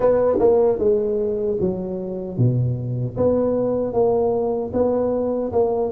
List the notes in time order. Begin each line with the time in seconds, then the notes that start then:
0.00 B3
0.39 A#3
0.79 G#3
1.60 F#3
2.37 B2
3.17 B3
3.93 A#3
4.73 B3
5.52 A#3